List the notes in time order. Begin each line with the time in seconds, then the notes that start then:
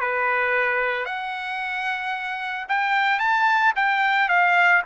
0.00 B4
1.05 F#5
2.68 G5
3.19 A5
3.75 G5
4.28 F5